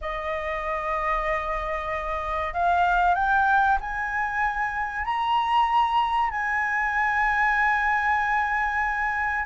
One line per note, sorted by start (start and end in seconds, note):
0.01 2.53 D#5
2.53 3.14 F5
3.14 3.78 G5
3.80 5.05 G#5
5.05 6.30 A#5
6.30 9.45 G#5